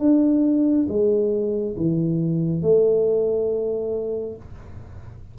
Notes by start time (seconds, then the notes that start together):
0.00 D4
0.89 G#3
1.77 E3
2.62 A3